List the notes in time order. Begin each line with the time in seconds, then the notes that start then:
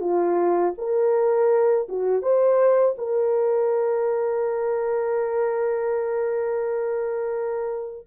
0.00 F4
0.78 A#4
1.89 F#4
2.22 C5
2.98 A#4